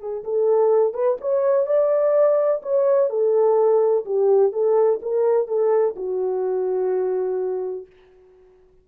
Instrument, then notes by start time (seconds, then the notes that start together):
horn
0.00 G#4
0.24 A4
0.94 B4
1.21 C#5
1.67 D5
2.63 C#5
3.10 A4
4.05 G4
4.53 A4
5.02 A#4
5.48 A4
5.96 F#4